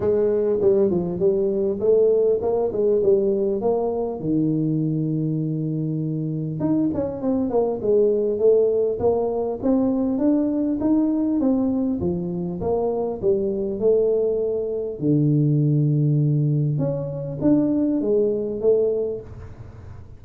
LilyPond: \new Staff \with { instrumentName = "tuba" } { \time 4/4 \tempo 4 = 100 gis4 g8 f8 g4 a4 | ais8 gis8 g4 ais4 dis4~ | dis2. dis'8 cis'8 | c'8 ais8 gis4 a4 ais4 |
c'4 d'4 dis'4 c'4 | f4 ais4 g4 a4~ | a4 d2. | cis'4 d'4 gis4 a4 | }